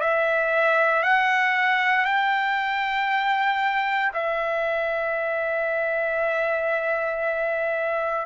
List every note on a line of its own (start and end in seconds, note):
0.00 1.03 E5
1.03 2.05 F#5
2.05 4.11 G5
4.13 8.26 E5